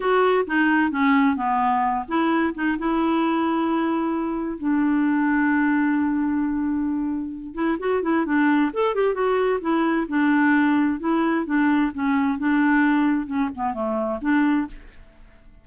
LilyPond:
\new Staff \with { instrumentName = "clarinet" } { \time 4/4 \tempo 4 = 131 fis'4 dis'4 cis'4 b4~ | b8 e'4 dis'8 e'2~ | e'2 d'2~ | d'1~ |
d'8 e'8 fis'8 e'8 d'4 a'8 g'8 | fis'4 e'4 d'2 | e'4 d'4 cis'4 d'4~ | d'4 cis'8 b8 a4 d'4 | }